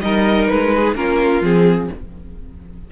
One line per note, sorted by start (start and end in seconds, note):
0.00 0.48 G3
0.00 0.95 D#4
0.00 0.75 A#4
0.00 0.47 D#5
0.47 0.94 G#3
0.47 0.95 B4
0.75 0.97 G#4
0.94 1.41 A#3
0.94 1.43 C#4
0.94 1.91 F4
0.94 1.43 A#4
1.41 1.88 F3
1.41 1.90 C4
1.41 1.91 G#4